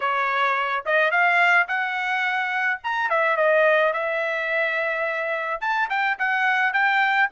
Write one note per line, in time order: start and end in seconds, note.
0.00 0.84 C#5
0.85 1.11 D#5
1.11 1.67 F5
1.67 2.80 F#5
2.83 3.09 A#5
3.09 3.36 E5
3.36 3.93 D#5
3.93 5.60 E5
5.60 5.89 A5
5.89 6.17 G5
6.19 6.73 F#5
6.73 7.29 G5